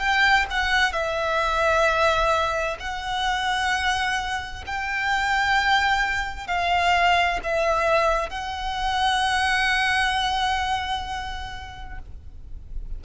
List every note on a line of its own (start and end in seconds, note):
0.00 0.46 G5
0.51 0.92 F#5
0.92 2.77 E5
2.80 4.64 F#5
4.67 6.47 G5
6.47 7.40 F5
7.43 8.30 E5
8.30 11.99 F#5